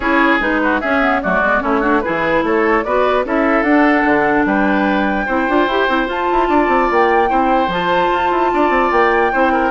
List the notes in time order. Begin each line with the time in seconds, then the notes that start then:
0.00 C#4 E4 G#4 C#5
0.40 G#3 D#4 B4
0.63 F#4
0.80 C#4 G#4 E5
1.01 B3
1.21 F#3 A3 F#4 D5
1.41 G#3 B3
1.60 A3 C#4 E4 C#5
1.80 D4 F#4
2.01 E4 G#4 B4
2.07 E3
2.42 A3 A4 C#5
2.83 B3 F#4 B4 D5
3.24 C#4 E4 A4 E5
3.62 D4 F#5
4.04 D3
4.45 G3 B4 G5
5.26 C4 E4 C5
5.48 D4 F4
5.67 E4 G4
5.88 C4 E4
6.06 F4 A5
6.32 E4
6.48 D4 D5
6.68 C4
6.91 A#3 G5
7.27 C4 E4 C5
7.67 F3 F4 A5
8.12 F4
8.31 E4
8.53 D4 D5
8.69 C4
8.91 A#3 G5
9.32 C4 E4 C5
9.52 A#4